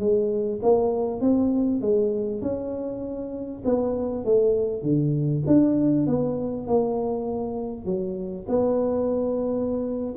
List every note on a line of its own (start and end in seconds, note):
0.00 0.61 G#3
0.63 1.21 A#3
1.21 1.82 C4
1.82 2.42 G#3
2.42 3.63 C#4
3.66 4.25 B3
4.25 4.83 A3
4.83 5.44 D3
5.47 6.07 D4
6.07 6.68 B3
6.68 7.86 A#3
7.86 8.46 F#3
8.49 10.15 B3